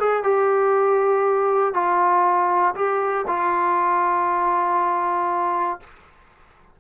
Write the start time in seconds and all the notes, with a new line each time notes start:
0.00 G#4
0.24 G4
1.74 F4
2.75 G4
3.28 F4